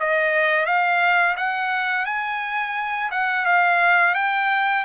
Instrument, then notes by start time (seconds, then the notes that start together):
trumpet
0.00 D#5
0.66 F5
1.37 F#5
2.06 G#5
3.11 F#5
3.46 F5
4.15 G5